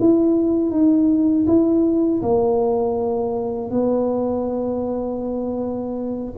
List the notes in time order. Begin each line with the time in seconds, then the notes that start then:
0.00 E4
0.71 D#4
1.47 E4
2.23 A#3
3.71 B3